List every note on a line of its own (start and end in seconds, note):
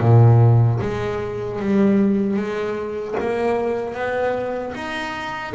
0.00 0.79 A#2
0.81 1.60 G#3
1.60 2.36 G3
2.36 3.15 G#3
3.20 3.94 A#3
3.94 4.73 B3
4.75 5.54 D#4